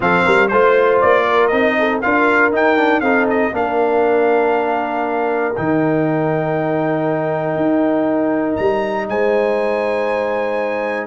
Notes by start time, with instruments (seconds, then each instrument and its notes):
0.00 tuba F3, trombone C4, horn A4, trumpet F5
0.25 tuba G3, horn A#4
0.47 tuba A3, trombone F4, trumpet C5, horn C5
1.01 tuba A#3, trumpet D5
1.24 horn A#4
1.47 tuba C4, trombone D#4, trumpet D#5
1.78 horn A4
2.01 tuba D4, trombone F4, horn A#4, trumpet F5
2.51 trombone D#4, tuba D#4, trumpet G5
2.77 trombone D4
3.00 tuba C4, trombone D#4, horn A4, trumpet F5
3.29 trumpet D#5
3.52 tuba A#3, trombone D4, horn A#4, trumpet F5
5.55 tuba D#3, trombone D#4, trumpet G5
7.56 tuba D#4
8.56 tuba G3, trumpet A#5
9.08 tuba G#3, horn C5, trumpet G#5